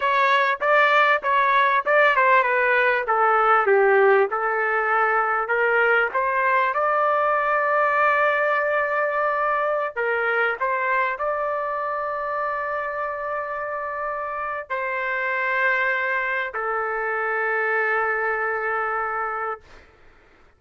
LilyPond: \new Staff \with { instrumentName = "trumpet" } { \time 4/4 \tempo 4 = 98 cis''4 d''4 cis''4 d''8 c''8 | b'4 a'4 g'4 a'4~ | a'4 ais'4 c''4 d''4~ | d''1~ |
d''16 ais'4 c''4 d''4.~ d''16~ | d''1 | c''2. a'4~ | a'1 | }